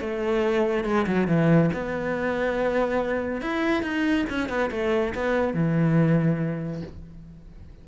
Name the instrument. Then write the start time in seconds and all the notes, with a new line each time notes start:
cello
0.00 A3
0.84 G#3
1.06 F#3
1.27 E3
1.73 B3
3.41 E4
3.82 D#4
4.29 C#4
4.49 B3
4.71 A3
5.14 B3
5.53 E3